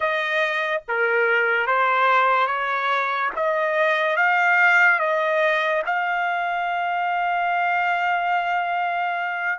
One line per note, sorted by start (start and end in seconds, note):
0.00 0.81 D#5
0.87 1.67 A#4
1.67 2.47 C5
2.47 3.30 C#5
3.35 4.16 D#5
4.16 4.98 F5
4.98 5.82 D#5
5.85 9.59 F5